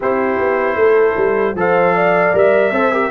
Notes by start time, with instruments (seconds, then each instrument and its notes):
0.00 tuba C4, trombone E4, horn G4, trumpet C5
0.38 tuba B3
0.75 tuba A3, horn A4
1.16 tuba G3
1.54 tuba F3, trombone A4, horn C5, trumpet F5
1.95 horn D5
2.33 tuba G3, trombone A#4, trumpet E5
2.71 tuba C4, trombone A4, horn C5
2.91 trombone G4, horn A#4